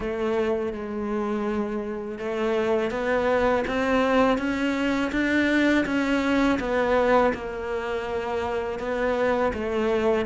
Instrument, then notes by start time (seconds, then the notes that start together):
cello
0.00 A3
0.73 G#3
2.19 A3
2.90 B3
3.67 C4
4.37 C#4
5.12 D4
5.85 C#4
6.59 B3
7.34 A#3
8.79 B3
9.53 A3